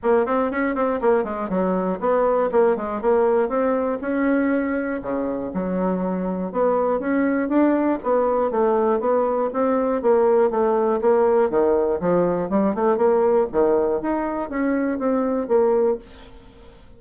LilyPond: \new Staff \with { instrumentName = "bassoon" } { \time 4/4 \tempo 4 = 120 ais8 c'8 cis'8 c'8 ais8 gis8 fis4 | b4 ais8 gis8 ais4 c'4 | cis'2 cis4 fis4~ | fis4 b4 cis'4 d'4 |
b4 a4 b4 c'4 | ais4 a4 ais4 dis4 | f4 g8 a8 ais4 dis4 | dis'4 cis'4 c'4 ais4 | }